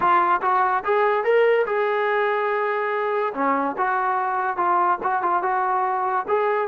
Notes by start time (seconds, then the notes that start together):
0.00 F4
0.42 F#4
0.84 G#4
1.23 A#4
1.66 G#4
3.34 C#4
3.77 F#4
4.56 F4
5.02 F#4
5.22 F4
5.42 F#4
6.28 G#4